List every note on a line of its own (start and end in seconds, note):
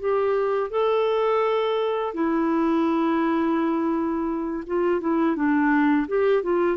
0.00 0.71 G4
0.71 2.14 A4
2.14 4.64 E4
4.67 5.01 F4
5.01 5.36 E4
5.36 6.07 D4
6.08 6.43 G4
6.43 6.77 F4